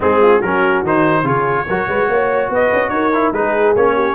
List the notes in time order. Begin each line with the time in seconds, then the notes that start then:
0.00 G#3 C4 D#4 G#4
0.21 F4
0.39 F#3 C#4 F#4 A#4
0.83 D#3 D#4 C5
1.23 C#3 F4 G#4 C#5
1.68 F#3 F#4 A#4
1.88 G#3 B4
2.08 A#3 C#5
2.49 B3 B4 D#5
2.72 C#4
2.89 D#4 A#4 C#5
3.13 E4
3.32 G#3 D#4 G#4 B4
3.75 A#3 C#4 C#5
3.94 G4